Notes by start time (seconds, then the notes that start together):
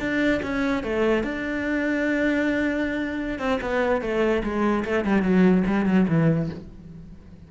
0.00 D4
0.43 C#4
0.83 A3
1.24 D4
3.39 C4
3.62 B3
4.02 A3
4.43 G#3
4.85 A3
5.05 G3
5.22 F#3
5.67 G3
5.86 F#3
6.08 E3